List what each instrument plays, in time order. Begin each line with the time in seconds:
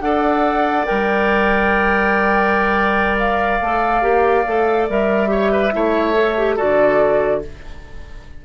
0.00 bassoon D4, clarinet A4, oboe D5, flute F#5
0.85 bassoon G3, clarinet A#4, flute G5
3.18 flute F5
3.60 bassoon A3, clarinet A4
4.01 bassoon A#3, clarinet G4
4.46 bassoon A3, clarinet A4
4.88 bassoon G3, clarinet A#4, flute E5
5.27 clarinet G4, oboe C#5
5.51 oboe B4
5.72 bassoon A3, clarinet E4, oboe C#5
6.14 clarinet A4
6.37 clarinet G4
6.55 bassoon D3, clarinet F#4, oboe A4, flute D5